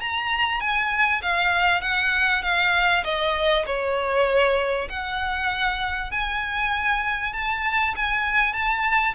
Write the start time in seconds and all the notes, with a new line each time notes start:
0.00 A#5
0.60 G#5
1.22 F5
1.81 F#5
2.42 F5
3.04 D#5
3.66 C#5
4.89 F#5
6.11 G#5
7.33 A5
7.96 G#5
8.53 A5